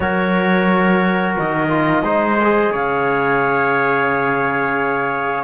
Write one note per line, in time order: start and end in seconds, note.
0.00 1.36 F#3
0.00 1.69 F#4
0.00 2.04 A#4
0.00 1.35 C#5
1.38 2.02 D#3
1.38 2.74 D#5
1.69 2.03 F4
2.02 2.70 G#3
2.02 2.39 D#4
2.02 2.71 C5
2.43 5.43 G#4
2.71 5.43 C#3
2.71 5.43 C#5
2.71 5.43 F5